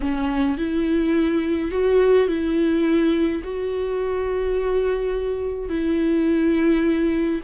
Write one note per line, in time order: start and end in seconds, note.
0.00 0.57 C#4
0.57 1.71 E4
1.71 2.28 F#4
2.28 3.42 E4
3.43 5.69 F#4
5.69 7.40 E4